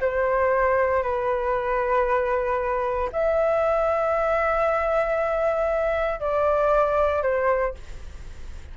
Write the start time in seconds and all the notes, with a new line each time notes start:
0.00 C5
1.03 B4
3.12 E5
6.20 D5
7.22 C5